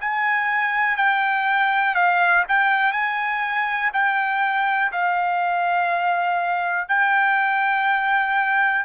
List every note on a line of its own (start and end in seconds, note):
0.00 0.97 G#5
0.97 1.94 G5
1.94 2.44 F5
2.48 2.92 G5
2.92 3.90 G#5
3.93 4.91 G5
4.92 6.88 F5
6.88 8.85 G5